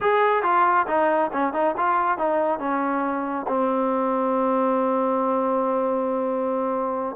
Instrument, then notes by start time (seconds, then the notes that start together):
trombone
0.00 G#4
0.42 F4
0.87 D#4
1.32 C#4
1.53 D#4
1.77 F4
2.17 D#4
2.59 C#4
3.48 C4